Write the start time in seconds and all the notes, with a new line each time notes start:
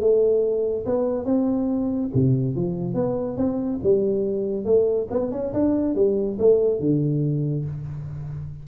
0.00 A3
0.86 B3
1.25 C4
2.14 C3
2.56 F3
2.94 B3
3.37 C4
3.83 G3
4.65 A3
5.11 B3
5.32 C#4
5.53 D4
5.95 G3
6.39 A3
6.80 D3